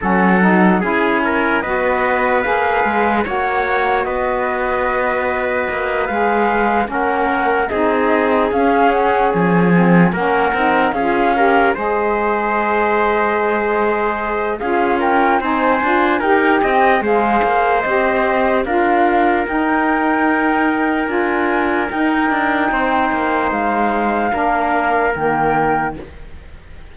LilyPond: <<
  \new Staff \with { instrumentName = "flute" } { \time 4/4 \tempo 4 = 74 fis''4 gis''4 dis''4 f''4 | fis''4 dis''2~ dis''8 f''8~ | f''8 fis''4 dis''4 f''8 fis''8 gis''8~ | gis''8 fis''4 f''4 dis''4.~ |
dis''2 f''8 g''8 gis''4 | g''4 f''4 dis''4 f''4 | g''2 gis''4 g''4~ | g''4 f''2 g''4 | }
  \new Staff \with { instrumentName = "trumpet" } { \time 4/4 a'4 gis'8 ais'8 b'2 | cis''4 b'2.~ | b'8 ais'4 gis'2~ gis'8~ | gis'8 ais'4 gis'8 ais'8 c''4.~ |
c''2 gis'8 ais'8 c''4 | ais'8 dis''8 c''2 ais'4~ | ais'1 | c''2 ais'2 | }
  \new Staff \with { instrumentName = "saxophone" } { \time 4/4 cis'8 dis'8 e'4 fis'4 gis'4 | fis'2.~ fis'8 gis'8~ | gis'8 cis'4 dis'4 cis'4. | c'8 cis'8 dis'8 f'8 g'8 gis'4.~ |
gis'2 f'4 dis'8 f'8 | g'4 gis'4 g'4 f'4 | dis'2 f'4 dis'4~ | dis'2 d'4 ais4 | }
  \new Staff \with { instrumentName = "cello" } { \time 4/4 fis4 cis'4 b4 ais8 gis8 | ais4 b2 ais8 gis8~ | gis8 ais4 c'4 cis'4 f8~ | f8 ais8 c'8 cis'4 gis4.~ |
gis2 cis'4 c'8 d'8 | dis'8 c'8 gis8 ais8 c'4 d'4 | dis'2 d'4 dis'8 d'8 | c'8 ais8 gis4 ais4 dis4 | }
>>